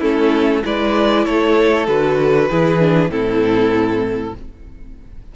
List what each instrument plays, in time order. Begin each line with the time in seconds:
0.00 cello A3, viola C#4, violin E4 A4
0.64 cello G#3, viola E4, violin B4 D5
1.25 cello A3, violin A4 C#5
1.87 cello D3, viola F#4, violin B4
2.49 cello E3, viola E4, violin G#4
2.80 viola D4
3.10 cello A2, viola C4, violin E4 A4